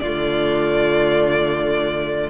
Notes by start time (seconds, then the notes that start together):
0.00 D3 A3 F4 D5